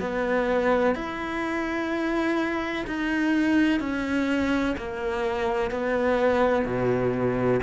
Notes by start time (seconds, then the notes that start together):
0.00 B3
0.95 E4
2.87 D#4
3.80 C#4
4.78 A#3
5.71 B3
6.65 B2